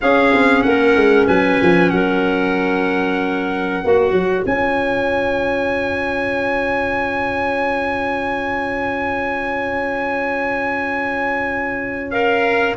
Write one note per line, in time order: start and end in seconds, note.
0.01 3.84 C#4
0.01 0.33 C#4
0.01 0.65 G#4
0.01 0.62 F5
0.33 0.65 C4
0.62 0.95 A#3
0.62 1.27 A#4
0.62 1.26 F#5
0.95 1.27 G#3
1.27 1.60 F#3
1.27 1.91 B4
1.27 1.90 G#5
1.61 1.91 F3
1.90 3.82 F#3
1.90 3.83 A#4
1.90 4.45 F#5
3.83 4.11 A#3
3.83 4.46 F#4
3.83 12.77 C#5
4.11 4.43 F#3
4.45 12.75 C#4
4.45 12.12 F4
4.45 12.10 G#5
12.10 12.76 A#4
12.10 12.74 F5